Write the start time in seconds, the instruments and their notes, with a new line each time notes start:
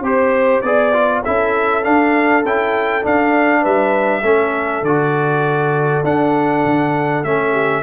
0.00 tuba C4, trombone G4, horn C5, trumpet C5
0.61 tuba B3, trombone G#4, trumpet D5, horn D5
0.93 trombone F4
1.22 tuba C#4, trombone E4, horn A4, trumpet E5
1.83 trombone D4, tuba D4, trumpet F5
2.44 tuba C#4, trombone E4, trumpet G5
3.02 trombone D4, tuba D4, trumpet F5
3.61 tuba G3, horn B4, trumpet E5
4.22 tuba A3, trombone C#4, horn A4
4.82 tuba D3, trombone F#4, trumpet D5
6.04 tuba D4, trombone D4, trumpet F#5
6.65 tuba D3
7.24 tuba A3, trombone C#4, trumpet E5
7.51 horn G4